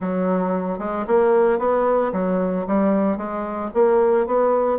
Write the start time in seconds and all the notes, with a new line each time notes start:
0.00 F#3
0.78 G#3
1.07 A#3
1.59 B3
2.12 F#3
2.67 G3
3.17 G#3
3.74 A#3
4.26 B3